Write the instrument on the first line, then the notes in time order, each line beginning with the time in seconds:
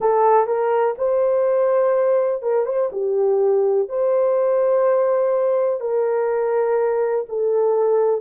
horn
0.00 A4
0.47 A#4
0.98 C5
2.42 A#4
2.65 C5
2.92 G4
3.88 C5
5.80 A#4
7.28 A4